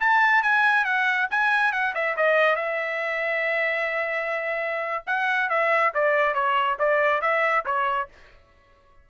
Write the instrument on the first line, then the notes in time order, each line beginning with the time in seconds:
trumpet
0.00 A5
0.42 G#5
0.84 F#5
1.30 G#5
1.72 F#5
1.94 E5
2.16 D#5
2.56 E5
5.06 F#5
5.49 E5
5.94 D5
6.34 C#5
6.79 D5
7.21 E5
7.65 C#5